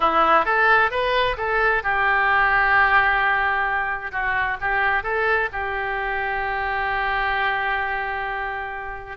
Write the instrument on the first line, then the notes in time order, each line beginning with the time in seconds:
oboe
0.00 E4
0.45 A4
0.90 B4
1.37 A4
1.83 G4
4.11 F#4
4.61 G4
5.03 A4
5.52 G4